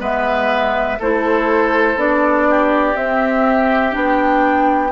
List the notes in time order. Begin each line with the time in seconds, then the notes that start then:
0.00 G#3 B3 B4 E5
1.00 A3 E4 A4 C5
1.96 B3 D4 D5
2.51 G4
2.95 C4 E5
3.91 B3 D4 G5